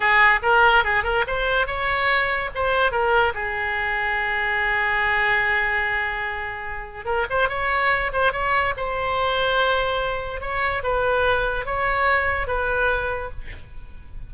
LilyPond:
\new Staff \with { instrumentName = "oboe" } { \time 4/4 \tempo 4 = 144 gis'4 ais'4 gis'8 ais'8 c''4 | cis''2 c''4 ais'4 | gis'1~ | gis'1~ |
gis'4 ais'8 c''8 cis''4. c''8 | cis''4 c''2.~ | c''4 cis''4 b'2 | cis''2 b'2 | }